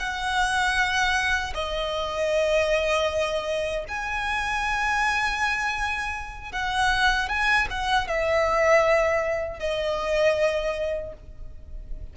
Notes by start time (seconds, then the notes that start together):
0.00 F#5
1.55 D#5
3.88 G#5
6.52 F#5
7.30 G#5
7.71 F#5
8.08 E5
9.60 D#5